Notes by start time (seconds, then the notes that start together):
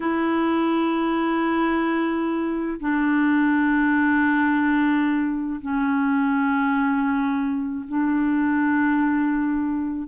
0.00 E4
2.79 D4
5.61 C#4
7.88 D4